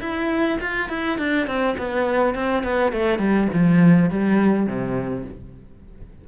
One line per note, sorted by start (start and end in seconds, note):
0.00 0.58 E4
0.60 0.88 F4
0.88 1.18 E4
1.18 1.46 D4
1.46 1.76 C4
1.77 2.34 B3
2.34 2.63 C4
2.63 2.92 B3
2.92 3.18 A3
3.18 3.47 G3
3.53 4.10 F3
4.10 4.66 G3
4.66 5.24 C3